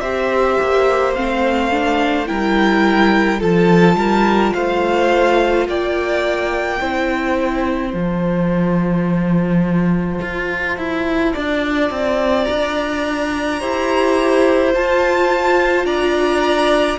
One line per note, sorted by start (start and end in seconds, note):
0.00 0.57 C4
0.00 1.16 G4
0.00 2.28 C5
0.00 1.14 E5
0.61 1.17 A#3
1.15 2.30 A3
1.15 1.71 C4
1.15 2.27 F5
1.71 2.26 D4
2.26 3.42 G3
2.26 3.39 E4
2.26 3.40 A#4
2.26 3.41 G5
3.39 3.96 F3
3.39 6.79 F4
3.39 3.96 A4
3.39 4.54 A5
3.96 4.52 G3
3.96 4.54 A#4
4.54 5.67 A3
4.54 5.67 C5
4.54 5.67 F5
5.67 6.81 A#3
5.67 6.80 D5
5.67 7.95 G5
6.80 7.94 C4
6.80 7.93 E4
6.80 11.33 C5
7.93 10.20 F3
7.93 13.59 F4
7.93 12.44 A5
10.22 10.78 F4
10.78 11.34 E4
11.33 11.90 D4
11.33 13.59 D5
11.90 12.47 C4
12.44 13.62 D4
12.44 14.71 A#5
13.60 14.75 E4
13.60 14.72 G4
13.60 15.86 C5
14.72 16.99 F4
14.72 15.85 F4
14.72 15.86 A5
15.85 16.98 D4
15.85 16.99 D5
15.85 16.99 A#5